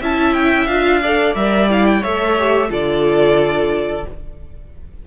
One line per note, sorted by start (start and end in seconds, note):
0.00 0.67 C#4
0.00 0.69 E4
0.00 1.01 E5
0.00 0.34 A5
0.34 0.67 G5
0.67 1.34 D4
0.67 1.02 F4
0.67 1.34 F5
1.02 1.36 A4
1.02 2.00 D5
1.35 2.02 G3
1.35 1.69 A#4
1.35 1.69 E5
1.69 2.03 E4
1.69 1.86 F5
1.86 2.03 G5
2.00 2.70 A3
2.00 2.38 A4
2.00 2.68 C#5
2.00 2.71 E5
2.38 2.69 G4
2.69 4.05 D3
2.69 4.04 F4
2.69 4.05 A4
2.69 4.07 D5